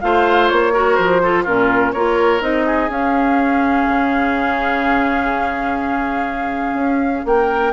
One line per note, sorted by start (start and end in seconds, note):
0.00 0.51 A3
0.00 0.73 F4
0.00 0.73 C5
0.00 0.48 F5
0.49 0.98 A#3
0.49 0.95 C#5
0.73 1.22 F#4
0.73 1.21 A#4
0.95 1.46 F3
0.95 1.43 C5
1.22 1.46 F4
1.22 1.43 A4
1.43 1.94 A#2
1.43 1.94 C#4
1.43 1.92 F4
1.43 1.92 A#4
1.92 2.41 A#3
1.92 2.40 F4
1.92 2.66 A#4
1.92 2.41 C#5
2.40 2.89 C4
2.40 2.89 D#4
2.40 2.90 D#5
2.66 7.26 G#4
2.89 3.85 C#4
2.89 7.73 C#4
2.89 7.26 F5
3.88 6.73 C#3
6.73 7.22 C#4
7.25 7.73 A#3
7.25 7.73 A#4
7.25 7.73 G5